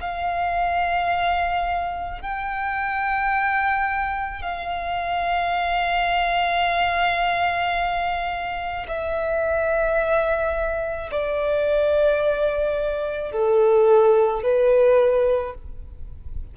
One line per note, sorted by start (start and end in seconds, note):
0.00 2.21 F5
2.21 4.41 G5
4.41 8.86 F5
8.87 11.10 E5
11.11 13.31 D5
13.31 14.42 A4
14.42 15.54 B4